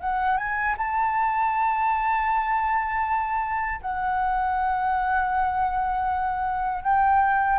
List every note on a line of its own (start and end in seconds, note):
0.00 0.37 F#5
0.37 0.75 G#5
0.77 3.81 A5
3.81 6.84 F#5
6.84 7.58 G5